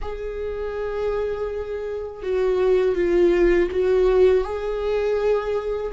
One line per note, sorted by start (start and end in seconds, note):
0.01 2.22 G#4
2.22 2.95 F#4
2.95 3.69 F4
3.70 4.43 F#4
4.43 5.92 G#4